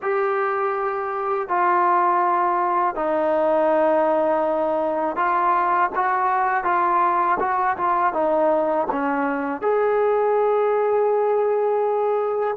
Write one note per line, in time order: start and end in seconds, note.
0.02 1.48 G4
1.48 2.95 F4
2.95 5.15 D#4
5.15 5.90 F4
5.95 6.63 F#4
6.63 7.37 F4
7.39 7.76 F#4
7.77 8.13 F4
8.13 8.87 D#4
8.91 9.61 C#4
9.61 12.57 G#4